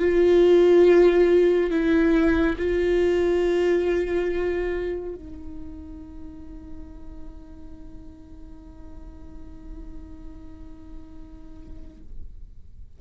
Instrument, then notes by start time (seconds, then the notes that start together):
viola
0.00 F4
1.71 E4
2.58 F4
5.15 D#4